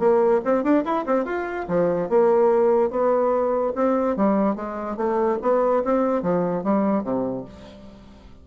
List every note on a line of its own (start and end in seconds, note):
0.00 0.41 A#3
0.45 0.64 C4
0.64 0.85 D4
0.85 1.06 E4
1.07 1.25 C4
1.25 1.67 F4
1.69 2.10 F3
2.10 2.91 A#3
2.91 3.74 B3
3.76 4.17 C4
4.17 4.56 G3
4.56 4.97 G#3
4.97 5.39 A3
5.42 5.84 B3
5.85 6.23 C4
6.23 6.64 F3
6.64 7.04 G3
7.04 7.46 C3